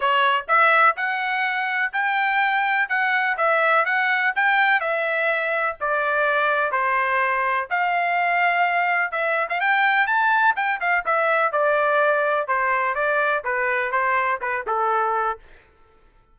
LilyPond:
\new Staff \with { instrumentName = "trumpet" } { \time 4/4 \tempo 4 = 125 cis''4 e''4 fis''2 | g''2 fis''4 e''4 | fis''4 g''4 e''2 | d''2 c''2 |
f''2. e''8. f''16 | g''4 a''4 g''8 f''8 e''4 | d''2 c''4 d''4 | b'4 c''4 b'8 a'4. | }